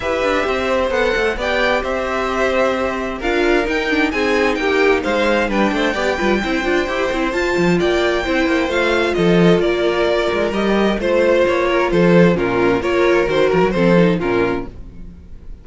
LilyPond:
<<
  \new Staff \with { instrumentName = "violin" } { \time 4/4 \tempo 4 = 131 e''2 fis''4 g''4 | e''2. f''4 | g''4 gis''4 g''4 f''4 | g''1 |
a''4 g''2 f''4 | dis''4 d''2 dis''4 | c''4 cis''4 c''4 ais'4 | cis''4 c''8 ais'8 c''4 ais'4 | }
  \new Staff \with { instrumentName = "violin" } { \time 4/4 b'4 c''2 d''4 | c''2. ais'4~ | ais'4 gis'4 g'4 c''4 | b'8 c''8 d''8 b'8 c''2~ |
c''4 d''4 c''2 | a'4 ais'2. | c''4. ais'8 a'4 f'4 | ais'2 a'4 f'4 | }
  \new Staff \with { instrumentName = "viola" } { \time 4/4 g'2 a'4 g'4~ | g'2. f'4 | dis'8 d'8 dis'2. | d'4 g'8 f'8 e'8 f'8 g'8 e'8 |
f'2 e'4 f'4~ | f'2. g'4 | f'2. cis'4 | f'4 fis'4 c'8 dis'8 cis'4 | }
  \new Staff \with { instrumentName = "cello" } { \time 4/4 e'8 d'8 c'4 b8 a8 b4 | c'2. d'4 | dis'4 c'4 ais4 gis4 | g8 a8 b8 g8 c'8 d'8 e'8 c'8 |
f'8 f8 ais4 c'8 ais8 a4 | f4 ais4. gis8 g4 | a4 ais4 f4 ais,4 | ais4 dis8 f16 fis16 f4 ais,4 | }
>>